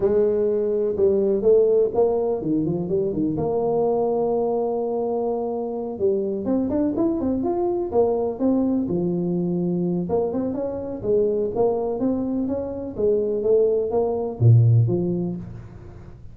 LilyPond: \new Staff \with { instrumentName = "tuba" } { \time 4/4 \tempo 4 = 125 gis2 g4 a4 | ais4 dis8 f8 g8 dis8 ais4~ | ais1~ | ais8 g4 c'8 d'8 e'8 c'8 f'8~ |
f'8 ais4 c'4 f4.~ | f4 ais8 c'8 cis'4 gis4 | ais4 c'4 cis'4 gis4 | a4 ais4 ais,4 f4 | }